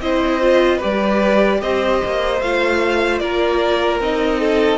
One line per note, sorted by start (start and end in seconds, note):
0.00 0.80 C4
0.00 0.41 E4
0.00 0.77 C5
0.00 0.80 D#5
0.41 0.80 F4
0.77 1.62 G3
0.77 2.40 G4
0.77 1.57 B4
0.77 1.61 D5
1.61 2.02 C4
1.61 3.21 C5
1.61 2.41 D#5
2.04 2.41 A#3
2.41 3.20 A3
2.41 4.02 F4
2.41 3.18 F5
3.18 4.00 A#3
3.18 4.40 A#4
3.18 3.98 D5
4.00 4.78 C4
4.00 4.78 D#4
4.00 4.78 D#5
4.40 4.78 A4